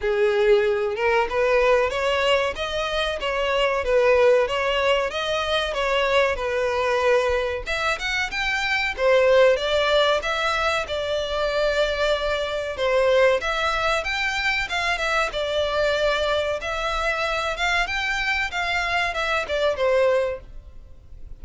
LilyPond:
\new Staff \with { instrumentName = "violin" } { \time 4/4 \tempo 4 = 94 gis'4. ais'8 b'4 cis''4 | dis''4 cis''4 b'4 cis''4 | dis''4 cis''4 b'2 | e''8 fis''8 g''4 c''4 d''4 |
e''4 d''2. | c''4 e''4 g''4 f''8 e''8 | d''2 e''4. f''8 | g''4 f''4 e''8 d''8 c''4 | }